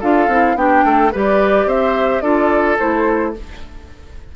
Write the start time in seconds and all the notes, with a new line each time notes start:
0.00 D4 F4 A4 F5
0.28 C4 E4
0.55 B3 D4 G4 G5
0.85 A3 A4
1.12 G3 G4 B4 D5
1.66 C4 C5 E5
2.21 D4 F4 A4 D5
2.78 A3 E4 C5